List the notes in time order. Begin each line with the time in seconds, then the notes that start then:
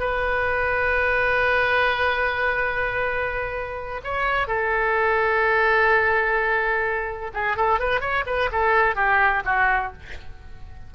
0.00 B4
4.04 C#5
4.48 A4
7.34 G#4
7.57 A4
7.80 B4
8.01 C#5
8.27 B4
8.52 A4
8.96 G4
9.46 F#4